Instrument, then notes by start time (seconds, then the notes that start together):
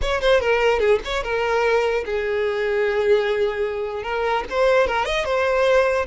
violin
0.01 C#5
0.21 C5
0.40 A#4
0.79 G#4
1.04 C#5
1.23 A#4
2.05 G#4
4.03 A#4
4.50 C5
4.87 A#4
5.05 D#5
5.25 C5